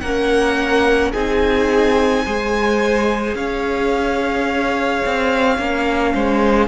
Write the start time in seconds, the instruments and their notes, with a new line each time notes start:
0.00 cello A#3, viola C#4, violin A#4 F#5
1.12 cello C4, viola D#4, violin G#4 G#5
2.25 cello G#3, viola G#4, violin C5
3.34 cello C#4, violin C#5 F5
5.06 cello C4
5.58 cello A#3, viola C#4
6.13 cello G#3, violin C5